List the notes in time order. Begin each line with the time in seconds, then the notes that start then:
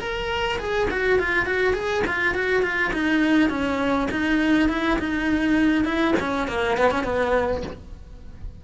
0.00 A#4
0.59 G#4
0.91 F#4
1.19 F4
1.46 F#4
1.74 G#4
2.07 F4
2.35 F#4
2.63 F4
2.94 D#4
3.50 C#4
4.11 D#4
4.70 E4
4.99 D#4
5.85 E4
6.20 C#4
6.48 A#3
6.78 B3
6.91 C#4
7.04 B3